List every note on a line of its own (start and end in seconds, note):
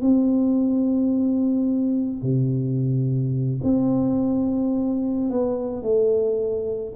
0.00 2.22 C4
2.22 3.61 C3
3.63 5.30 C4
5.30 5.82 B3
5.82 6.93 A3